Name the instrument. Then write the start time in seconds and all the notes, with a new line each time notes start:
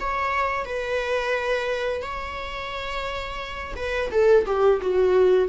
viola
0.00 C#5
0.66 B4
2.02 C#5
3.76 B4
4.11 A4
4.46 G4
4.81 F#4